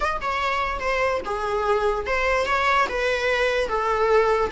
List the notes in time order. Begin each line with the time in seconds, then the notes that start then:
0.00 D#5
0.21 C#5
0.79 C5
1.24 G#4
2.06 C5
2.46 C#5
2.88 B4
3.68 A4